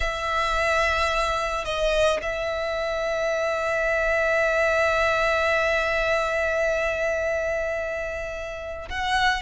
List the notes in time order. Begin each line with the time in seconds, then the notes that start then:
0.00 E5
1.64 D#5
2.22 E5
8.89 F#5